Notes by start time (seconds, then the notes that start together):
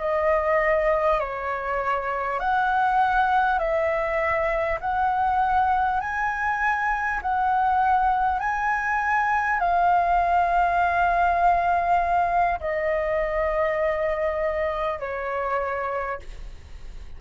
0.00 D#5
1.20 C#5
2.40 F#5
3.59 E5
4.81 F#5
6.01 G#5
7.22 F#5
8.39 G#5
9.59 F5
12.60 D#5
14.99 C#5